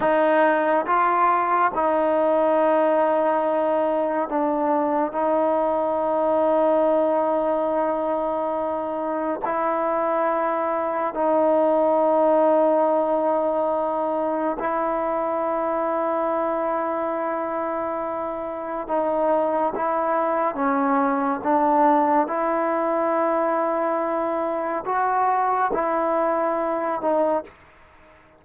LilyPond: \new Staff \with { instrumentName = "trombone" } { \time 4/4 \tempo 4 = 70 dis'4 f'4 dis'2~ | dis'4 d'4 dis'2~ | dis'2. e'4~ | e'4 dis'2.~ |
dis'4 e'2.~ | e'2 dis'4 e'4 | cis'4 d'4 e'2~ | e'4 fis'4 e'4. dis'8 | }